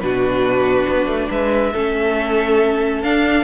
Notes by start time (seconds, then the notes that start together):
0.00 B2 D4 F#4 B4
0.88 B3
1.06 A3
1.30 G#3 B4 E5
1.73 A3 C#4 A4
3.02 D4 F5